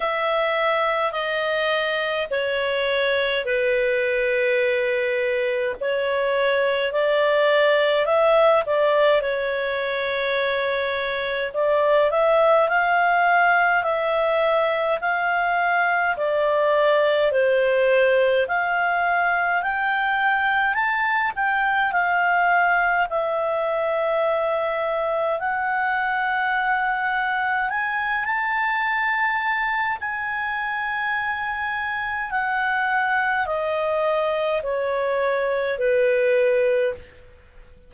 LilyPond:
\new Staff \with { instrumentName = "clarinet" } { \time 4/4 \tempo 4 = 52 e''4 dis''4 cis''4 b'4~ | b'4 cis''4 d''4 e''8 d''8 | cis''2 d''8 e''8 f''4 | e''4 f''4 d''4 c''4 |
f''4 g''4 a''8 g''8 f''4 | e''2 fis''2 | gis''8 a''4. gis''2 | fis''4 dis''4 cis''4 b'4 | }